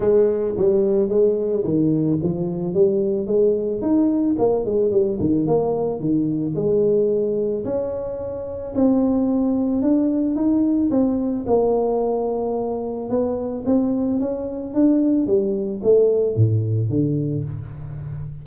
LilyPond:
\new Staff \with { instrumentName = "tuba" } { \time 4/4 \tempo 4 = 110 gis4 g4 gis4 dis4 | f4 g4 gis4 dis'4 | ais8 gis8 g8 dis8 ais4 dis4 | gis2 cis'2 |
c'2 d'4 dis'4 | c'4 ais2. | b4 c'4 cis'4 d'4 | g4 a4 a,4 d4 | }